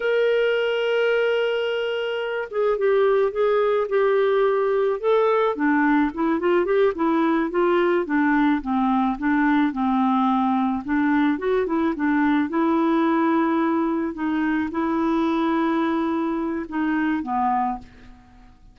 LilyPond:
\new Staff \with { instrumentName = "clarinet" } { \time 4/4 \tempo 4 = 108 ais'1~ | ais'8 gis'8 g'4 gis'4 g'4~ | g'4 a'4 d'4 e'8 f'8 | g'8 e'4 f'4 d'4 c'8~ |
c'8 d'4 c'2 d'8~ | d'8 fis'8 e'8 d'4 e'4.~ | e'4. dis'4 e'4.~ | e'2 dis'4 b4 | }